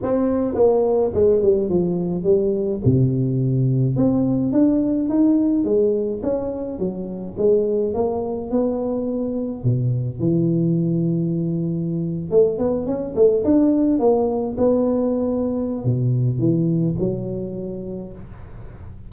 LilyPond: \new Staff \with { instrumentName = "tuba" } { \time 4/4 \tempo 4 = 106 c'4 ais4 gis8 g8 f4 | g4 c2 c'4 | d'4 dis'4 gis4 cis'4 | fis4 gis4 ais4 b4~ |
b4 b,4 e2~ | e4.~ e16 a8 b8 cis'8 a8 d'16~ | d'8. ais4 b2~ b16 | b,4 e4 fis2 | }